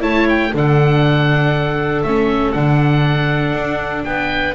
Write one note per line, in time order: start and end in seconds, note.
0.00 0.52 A3
0.00 0.50 E4
0.00 0.52 C#5
0.00 0.28 A5
0.28 0.54 G5
0.54 2.03 D3
0.54 2.06 D4
0.54 4.06 A4
0.54 2.03 F#5
2.03 2.53 A3
2.03 2.55 C#4
2.03 2.52 E5
2.52 3.53 D3
2.52 4.55 D4
2.52 4.03 F#5
3.53 4.04 D4
4.04 4.55 B3
4.04 4.55 B4
4.04 4.55 G5